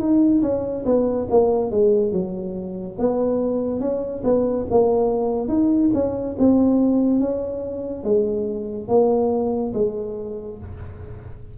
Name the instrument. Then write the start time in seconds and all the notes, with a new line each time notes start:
tuba
0.00 D#4
0.43 C#4
0.86 B3
1.31 A#3
1.71 G#3
2.12 F#3
2.99 B3
3.80 C#4
4.24 B3
4.71 A#3
5.49 D#4
5.94 C#4
6.39 C4
7.20 C#4
8.04 G#3
8.88 A#3
9.74 G#3